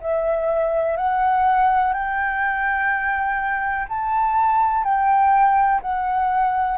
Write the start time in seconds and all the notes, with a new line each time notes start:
0.00 E5
0.97 F#5
1.93 G5
3.89 A5
4.84 G5
5.82 F#5